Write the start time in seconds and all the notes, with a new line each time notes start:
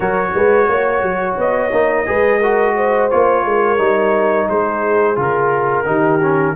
0.00 F#3 F#4 A#4 C#5
0.34 G#3 B4
0.69 A#3 C#5
1.02 F#3
1.37 B3 D#5
1.72 A#3 D#4
2.06 G#3 G#4 B4
2.39 F#4 A#4
2.76 C5
3.10 A#3 F4 C#5
3.45 G#3 A#4
3.77 G3 D#4
4.49 G#3 G#4 C5
5.15 C#3 F4 A#4
5.85 D#3 D#4 G4
6.22 C#4